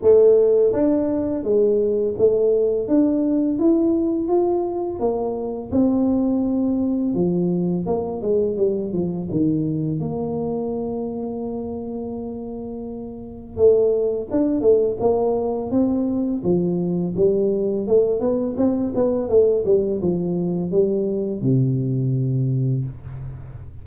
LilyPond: \new Staff \with { instrumentName = "tuba" } { \time 4/4 \tempo 4 = 84 a4 d'4 gis4 a4 | d'4 e'4 f'4 ais4 | c'2 f4 ais8 gis8 | g8 f8 dis4 ais2~ |
ais2. a4 | d'8 a8 ais4 c'4 f4 | g4 a8 b8 c'8 b8 a8 g8 | f4 g4 c2 | }